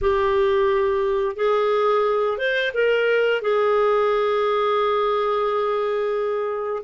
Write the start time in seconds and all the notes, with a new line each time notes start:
0.01 G4
1.35 G#4
2.37 C5
2.74 A#4
3.41 G#4